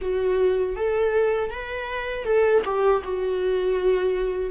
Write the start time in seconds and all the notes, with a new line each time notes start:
0.01 F#4
0.75 A4
1.50 B4
2.24 A4
2.65 G4
3.04 F#4